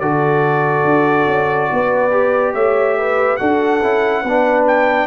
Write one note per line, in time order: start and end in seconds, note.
0.00 0.85 D3
0.00 2.11 F#4
0.00 1.71 A4
0.00 2.54 D5
0.85 1.27 D4
1.27 1.70 C#4
1.72 2.54 B3
1.72 2.55 B4
2.11 3.38 G4
2.54 3.39 A3
2.54 2.97 C#5
2.54 3.37 E5
2.98 3.40 B4
3.37 3.82 D4
3.37 3.81 F#4
3.37 4.23 A4
3.37 4.64 F#5
3.82 4.24 C#4
3.82 4.25 E4
4.23 5.08 B3
4.23 5.08 D4
4.23 5.07 B4
4.68 5.08 G5